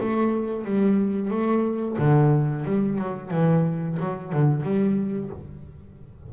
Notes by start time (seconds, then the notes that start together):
0.00 A3
0.65 G3
1.30 A3
1.98 D3
2.65 G3
2.98 F#3
3.31 E3
4.00 F#3
4.33 D3
4.63 G3